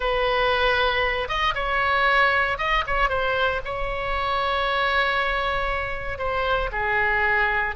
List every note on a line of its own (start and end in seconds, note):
0.00 1.28 B4
1.28 1.54 D#5
1.54 2.58 C#5
2.58 2.84 D#5
2.86 3.09 C#5
3.09 3.61 C5
3.64 6.18 C#5
6.18 6.70 C5
6.72 7.75 G#4